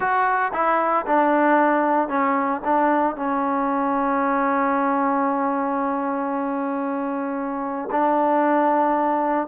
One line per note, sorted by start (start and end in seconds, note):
0.00 0.51 F#4
0.53 1.05 E4
1.06 2.08 D4
2.08 2.61 C#4
2.64 3.16 D4
3.16 7.89 C#4
7.91 9.47 D4